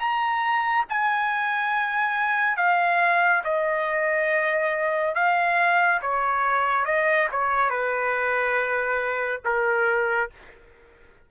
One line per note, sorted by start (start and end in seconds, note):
0.00 0.86 A#5
0.90 2.58 G#5
2.58 3.43 F5
3.44 5.15 D#5
5.15 6.01 F5
6.02 6.86 C#5
6.86 7.29 D#5
7.32 7.71 C#5
7.71 9.42 B4
9.45 10.31 A#4